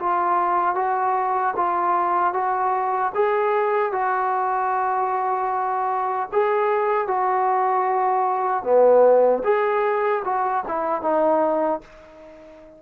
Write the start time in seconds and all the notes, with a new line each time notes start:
0.00 F4
0.75 F#4
1.56 F4
2.34 F#4
3.15 G#4
3.93 F#4
6.32 G#4
7.08 F#4
8.64 B3
9.44 G#4
10.25 F#4
10.68 E4
11.02 D#4